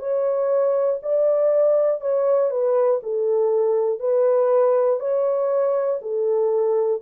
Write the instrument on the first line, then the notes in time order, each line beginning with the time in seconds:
horn
0.00 C#5
1.03 D5
2.01 C#5
2.51 B4
3.04 A4
4.00 B4
5.00 C#5
6.02 A4